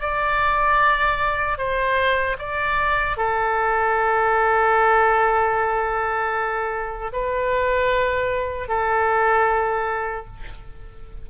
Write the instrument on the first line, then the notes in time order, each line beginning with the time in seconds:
oboe
0.00 D5
1.58 C5
2.38 D5
3.17 A4
7.12 B4
8.68 A4